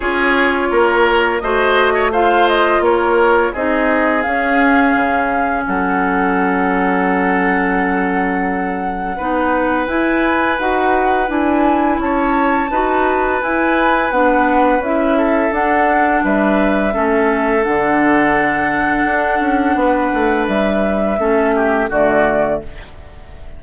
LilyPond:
<<
  \new Staff \with { instrumentName = "flute" } { \time 4/4 \tempo 4 = 85 cis''2 dis''4 f''8 dis''8 | cis''4 dis''4 f''2 | fis''1~ | fis''2 gis''4 fis''4 |
gis''4 a''2 gis''4 | fis''4 e''4 fis''4 e''4~ | e''4 fis''2.~ | fis''4 e''2 d''4 | }
  \new Staff \with { instrumentName = "oboe" } { \time 4/4 gis'4 ais'4 c''8. cis''16 c''4 | ais'4 gis'2. | a'1~ | a'4 b'2.~ |
b'4 cis''4 b'2~ | b'4. a'4. b'4 | a'1 | b'2 a'8 g'8 fis'4 | }
  \new Staff \with { instrumentName = "clarinet" } { \time 4/4 f'2 fis'4 f'4~ | f'4 dis'4 cis'2~ | cis'1~ | cis'4 dis'4 e'4 fis'4 |
e'2 fis'4 e'4 | d'4 e'4 d'2 | cis'4 d'2.~ | d'2 cis'4 a4 | }
  \new Staff \with { instrumentName = "bassoon" } { \time 4/4 cis'4 ais4 a2 | ais4 c'4 cis'4 cis4 | fis1~ | fis4 b4 e'4 dis'4 |
d'4 cis'4 dis'4 e'4 | b4 cis'4 d'4 g4 | a4 d2 d'8 cis'8 | b8 a8 g4 a4 d4 | }
>>